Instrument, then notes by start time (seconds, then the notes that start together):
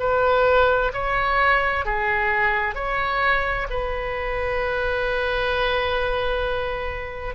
oboe
0.00 B4
0.94 C#5
1.85 G#4
2.75 C#5
3.70 B4